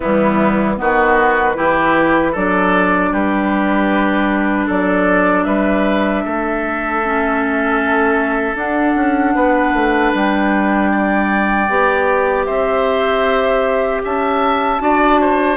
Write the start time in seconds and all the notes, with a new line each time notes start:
0.00 E3 G3 B3 E4
0.77 D#3 B3 F#4 B4
1.55 E3 E4 G4
2.32 F#3 D4 A4 D5
3.12 G3 G4 B4
4.66 F#3 A4 D5
5.44 G3 B4 E5
6.24 A3 A4
7.03 C#4
8.55 D4 F#5
8.95 C#4
9.35 B3 B4
9.73 A3
10.13 G3 G5
10.91 D5
11.68 B3 G4
12.45 C4 C5 E5
14.04 C#4 E5 A5
14.78 D4 F#4 D5
15.20 C5